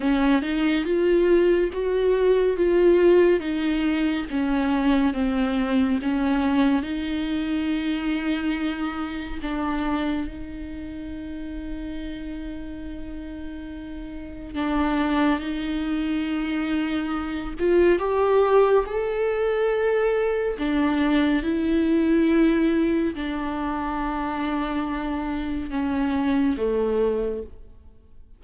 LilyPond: \new Staff \with { instrumentName = "viola" } { \time 4/4 \tempo 4 = 70 cis'8 dis'8 f'4 fis'4 f'4 | dis'4 cis'4 c'4 cis'4 | dis'2. d'4 | dis'1~ |
dis'4 d'4 dis'2~ | dis'8 f'8 g'4 a'2 | d'4 e'2 d'4~ | d'2 cis'4 a4 | }